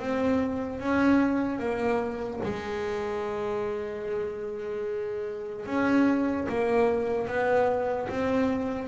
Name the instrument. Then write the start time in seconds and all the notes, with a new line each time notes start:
double bass
0.00 C4
0.80 C#4
1.59 A#3
2.44 G#3
5.66 C#4
6.49 A#3
7.28 B3
8.09 C4